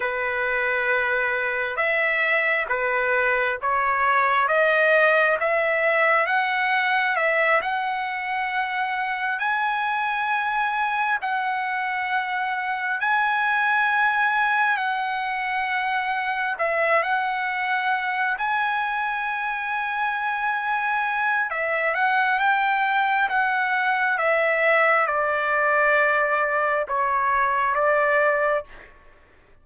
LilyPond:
\new Staff \with { instrumentName = "trumpet" } { \time 4/4 \tempo 4 = 67 b'2 e''4 b'4 | cis''4 dis''4 e''4 fis''4 | e''8 fis''2 gis''4.~ | gis''8 fis''2 gis''4.~ |
gis''8 fis''2 e''8 fis''4~ | fis''8 gis''2.~ gis''8 | e''8 fis''8 g''4 fis''4 e''4 | d''2 cis''4 d''4 | }